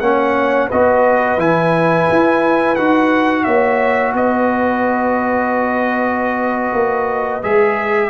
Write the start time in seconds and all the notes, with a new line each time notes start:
0.00 A#3 C#4 C#5 F#5
0.69 B3 F#4 B4 D#5
1.37 E3 E4 G#5
2.11 E4
2.76 D#4 F#4 F#5
3.44 A#3 C#5 E5
4.14 B3 B4 D#5
6.73 A#3
7.43 G#3 G#4 E5